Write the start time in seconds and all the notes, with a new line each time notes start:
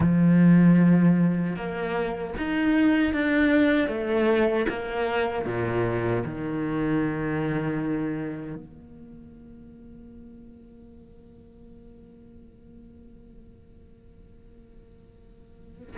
0.00 F3
1.55 A#3
2.38 D#4
3.13 D4
3.87 A3
4.69 A#3
5.45 A#2
6.25 D#3
8.55 A#3